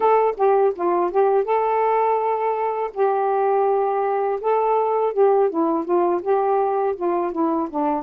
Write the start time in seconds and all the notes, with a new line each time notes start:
0.00 A4
0.36 G4
0.75 F4
1.11 G4
1.44 A4
2.93 G4
4.40 A4
5.13 G4
5.49 E4
5.84 F4
6.22 G4
6.95 F4
7.31 E4
7.70 D4